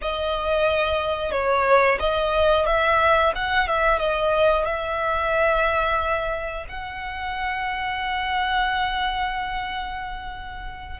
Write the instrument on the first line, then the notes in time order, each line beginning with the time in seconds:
violin
0.01 D#5
1.32 C#5
1.99 D#5
2.66 E5
3.35 F#5
3.67 E5
3.98 D#5
4.65 E5
6.68 F#5